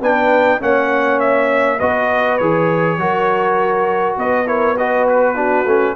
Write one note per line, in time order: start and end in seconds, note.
0.00 0.60 B3
0.00 0.60 D4
0.00 0.59 B4
0.00 0.62 G5
0.60 1.80 A#3
0.60 1.78 C#4
0.60 1.78 C#5
0.60 1.20 F#5
1.20 1.79 E5
1.78 2.40 B3
1.78 2.40 F#4
1.78 2.97 B4
1.78 2.38 D#5
2.38 2.98 E3
2.38 2.99 G#4
2.38 4.16 C#5
2.98 4.16 F#3
2.98 4.46 F#4
2.98 4.18 A#4
4.17 5.65 B3
4.17 4.48 B4
4.17 4.47 D#5
4.46 4.75 E4
4.46 4.76 A#4
4.46 4.77 C#5
4.76 5.35 F#4
4.76 5.35 B4
4.76 5.07 D#5
5.08 5.96 B4
5.35 5.64 D4
5.35 5.95 F#4
5.65 5.94 A3
5.65 5.96 C#4